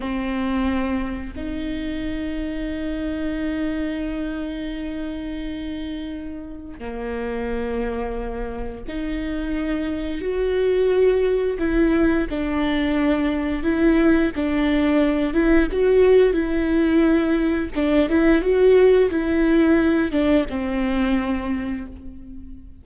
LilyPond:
\new Staff \with { instrumentName = "viola" } { \time 4/4 \tempo 4 = 88 c'2 dis'2~ | dis'1~ | dis'2 ais2~ | ais4 dis'2 fis'4~ |
fis'4 e'4 d'2 | e'4 d'4. e'8 fis'4 | e'2 d'8 e'8 fis'4 | e'4. d'8 c'2 | }